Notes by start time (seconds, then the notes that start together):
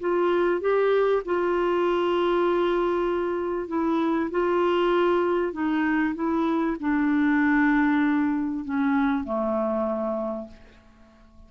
0.00 F4
0.61 G4
1.25 F4
3.68 E4
4.31 F4
5.53 D#4
6.15 E4
6.80 D4
8.65 C#4
9.24 A3